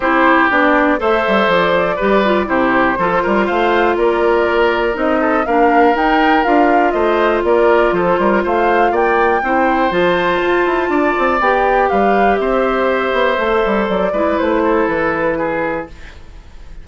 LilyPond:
<<
  \new Staff \with { instrumentName = "flute" } { \time 4/4 \tempo 4 = 121 c''4 d''4 e''4 d''4~ | d''4 c''2 f''4 | d''2 dis''4 f''4 | g''4 f''4 dis''4 d''4 |
c''4 f''4 g''2 | a''2. g''4 | f''4 e''2. | d''4 c''4 b'2 | }
  \new Staff \with { instrumentName = "oboe" } { \time 4/4 g'2 c''2 | b'4 g'4 a'8 ais'8 c''4 | ais'2~ ais'8 a'8 ais'4~ | ais'2 c''4 ais'4 |
a'8 ais'8 c''4 d''4 c''4~ | c''2 d''2 | b'4 c''2.~ | c''8 b'4 a'4. gis'4 | }
  \new Staff \with { instrumentName = "clarinet" } { \time 4/4 e'4 d'4 a'2 | g'8 f'8 e'4 f'2~ | f'2 dis'4 d'4 | dis'4 f'2.~ |
f'2. e'4 | f'2. g'4~ | g'2. a'4~ | a'8 e'2.~ e'8 | }
  \new Staff \with { instrumentName = "bassoon" } { \time 4/4 c'4 b4 a8 g8 f4 | g4 c4 f8 g8 a4 | ais2 c'4 ais4 | dis'4 d'4 a4 ais4 |
f8 g8 a4 ais4 c'4 | f4 f'8 e'8 d'8 c'8 b4 | g4 c'4. b8 a8 g8 | fis8 gis8 a4 e2 | }
>>